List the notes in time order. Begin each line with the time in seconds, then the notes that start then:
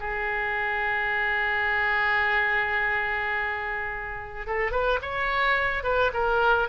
0.00 G#4
4.47 A4
4.72 B4
5.02 C#5
5.84 B4
6.14 A#4